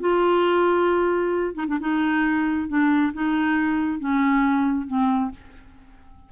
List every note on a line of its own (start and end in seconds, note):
0.00 1.54 F4
1.54 1.65 D#4
1.67 1.78 D4
1.80 2.68 D#4
2.68 3.12 D4
3.13 3.99 D#4
3.99 4.87 C#4
4.87 5.31 C4